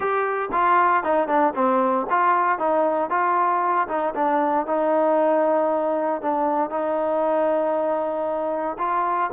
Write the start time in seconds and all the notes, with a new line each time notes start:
0.00 G4
0.52 F4
1.03 D#4
1.27 D4
1.55 C4
2.10 F4
2.58 D#4
3.10 F4
3.88 D#4
4.14 D4
4.66 D#4
6.21 D4
6.70 D#4
8.78 F4